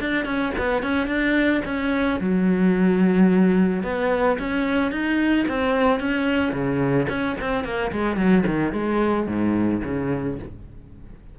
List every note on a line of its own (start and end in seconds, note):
0.00 0.25 D4
0.25 0.52 C#4
0.58 0.82 B3
0.82 1.07 C#4
1.07 1.61 D4
1.65 2.20 C#4
2.20 3.83 F#3
3.83 4.38 B3
4.39 4.91 C#4
4.91 5.46 D#4
5.48 6.00 C4
6.00 6.53 C#4
6.53 7.07 C#3
7.09 7.36 C#4
7.41 7.64 C4
7.64 7.91 A#3
7.92 8.17 G#3
8.17 8.44 F#3
8.46 8.72 D#3
8.72 9.27 G#3
9.27 9.81 G#2
9.84 10.39 C#3